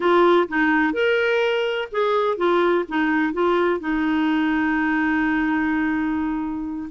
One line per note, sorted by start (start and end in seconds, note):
0.00 0.48 F4
0.48 0.93 D#4
0.93 1.88 A#4
1.91 2.37 G#4
2.37 2.84 F4
2.88 3.33 D#4
3.33 3.80 F4
3.80 6.89 D#4